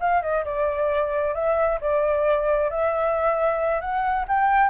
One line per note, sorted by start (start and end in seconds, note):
0.00 0.22 F5
0.22 0.44 D#5
0.45 1.35 D5
1.35 1.79 E5
1.81 2.70 D5
2.70 3.81 E5
3.81 4.26 F#5
4.28 4.70 G5